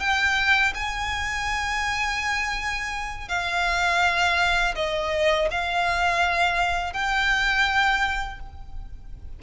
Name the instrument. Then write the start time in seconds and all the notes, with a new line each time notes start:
violin
0.00 G5
0.74 G#5
3.29 F5
4.75 D#5
5.51 F5
6.93 G5